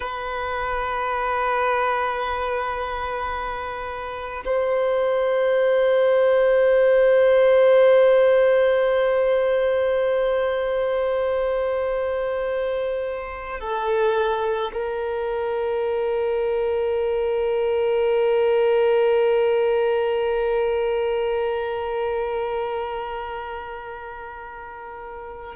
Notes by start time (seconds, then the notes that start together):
0.00 B4
4.44 C5
13.60 A4
14.73 A#4